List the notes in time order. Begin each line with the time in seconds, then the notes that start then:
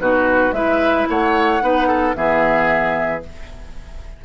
0.00 B2 D#4 F#4 B4
0.52 G#3 E4 B4 E5
1.09 A3 C#5 F#5
1.61 B3 D#4 B4
1.88 A4
2.14 E3 B3 G#4 E5